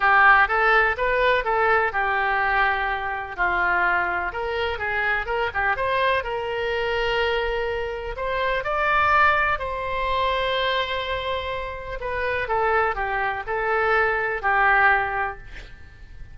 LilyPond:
\new Staff \with { instrumentName = "oboe" } { \time 4/4 \tempo 4 = 125 g'4 a'4 b'4 a'4 | g'2. f'4~ | f'4 ais'4 gis'4 ais'8 g'8 | c''4 ais'2.~ |
ais'4 c''4 d''2 | c''1~ | c''4 b'4 a'4 g'4 | a'2 g'2 | }